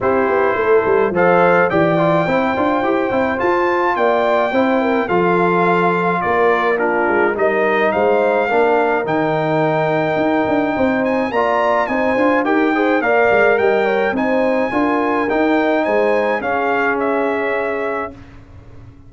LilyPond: <<
  \new Staff \with { instrumentName = "trumpet" } { \time 4/4 \tempo 4 = 106 c''2 f''4 g''4~ | g''2 a''4 g''4~ | g''4 f''2 d''4 | ais'4 dis''4 f''2 |
g''2.~ g''8 gis''8 | ais''4 gis''4 g''4 f''4 | g''4 gis''2 g''4 | gis''4 f''4 e''2 | }
  \new Staff \with { instrumentName = "horn" } { \time 4/4 g'4 a'4 c''4 d''4 | c''2. d''4 | c''8 ais'8 a'2 ais'4 | f'4 ais'4 c''4 ais'4~ |
ais'2. c''4 | d''4 c''4 ais'8 c''8 d''4 | dis''8 cis''8 c''4 ais'2 | c''4 gis'2. | }
  \new Staff \with { instrumentName = "trombone" } { \time 4/4 e'2 a'4 g'8 f'8 | e'8 f'8 g'8 e'8 f'2 | e'4 f'2. | d'4 dis'2 d'4 |
dis'1 | f'4 dis'8 f'8 g'8 gis'8 ais'4~ | ais'4 dis'4 f'4 dis'4~ | dis'4 cis'2. | }
  \new Staff \with { instrumentName = "tuba" } { \time 4/4 c'8 b8 a8 g8 f4 e4 | c'8 d'8 e'8 c'8 f'4 ais4 | c'4 f2 ais4~ | ais8 gis8 g4 gis4 ais4 |
dis2 dis'8 d'8 c'4 | ais4 c'8 d'8 dis'4 ais8 gis8 | g4 c'4 d'4 dis'4 | gis4 cis'2. | }
>>